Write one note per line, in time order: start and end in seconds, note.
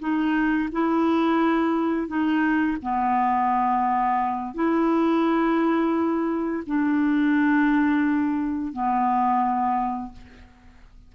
0.00 0.69 D#4
0.72 2.08 E4
2.08 2.77 D#4
2.82 4.55 B3
4.55 6.64 E4
6.67 8.73 D4
8.73 10.13 B3